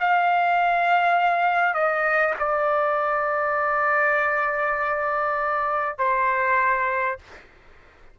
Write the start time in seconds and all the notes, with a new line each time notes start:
0.00 F5
1.74 D#5
2.39 D5
5.98 C5